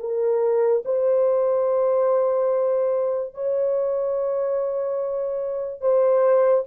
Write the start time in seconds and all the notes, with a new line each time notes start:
0.00 A#4
0.85 C5
3.34 C#5
5.81 C5